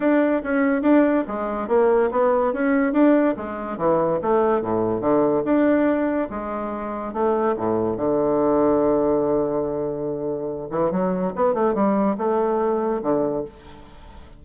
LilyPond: \new Staff \with { instrumentName = "bassoon" } { \time 4/4 \tempo 4 = 143 d'4 cis'4 d'4 gis4 | ais4 b4 cis'4 d'4 | gis4 e4 a4 a,4 | d4 d'2 gis4~ |
gis4 a4 a,4 d4~ | d1~ | d4. e8 fis4 b8 a8 | g4 a2 d4 | }